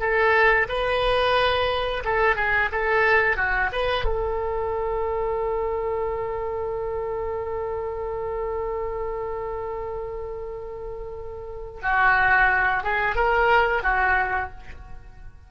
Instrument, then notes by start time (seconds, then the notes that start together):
oboe
0.00 A4
0.69 B4
2.05 A4
2.36 G#4
2.72 A4
3.37 F#4
3.73 B4
4.05 A4
11.83 F#4
12.84 G#4
13.16 A#4
13.83 F#4